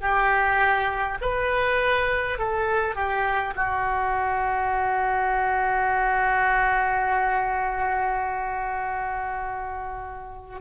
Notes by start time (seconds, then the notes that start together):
0.00 G4
1.21 B4
2.39 A4
2.95 G4
3.56 F#4